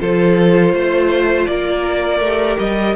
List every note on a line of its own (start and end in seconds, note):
0.00 0.73 F3
0.00 2.23 F4
0.00 0.74 A4
0.00 1.46 C5
0.73 1.48 A3
0.73 1.49 C5
1.46 2.20 A#3
1.46 2.96 A#4
1.46 2.57 D5
2.20 2.57 A3
2.20 2.96 G4
2.59 2.96 G3
2.59 2.96 D#5